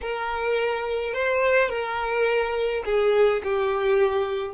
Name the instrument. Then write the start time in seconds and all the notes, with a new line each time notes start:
violin
0.01 A#4
1.13 C5
1.69 A#4
2.85 G#4
3.43 G4